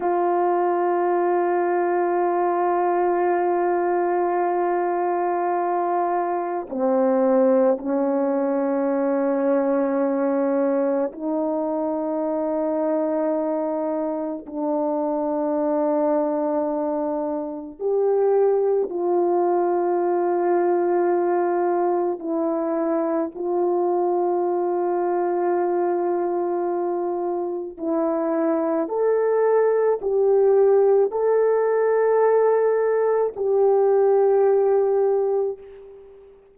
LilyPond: \new Staff \with { instrumentName = "horn" } { \time 4/4 \tempo 4 = 54 f'1~ | f'2 c'4 cis'4~ | cis'2 dis'2~ | dis'4 d'2. |
g'4 f'2. | e'4 f'2.~ | f'4 e'4 a'4 g'4 | a'2 g'2 | }